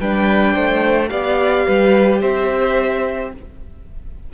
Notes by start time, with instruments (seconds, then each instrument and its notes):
0.00 cello G3, viola D4, violin B4 G5
0.54 cello A3, violin C5
1.09 cello B3, viola G4, violin D5 F5
1.67 cello G3, violin B4
2.21 cello C4, violin C5 E5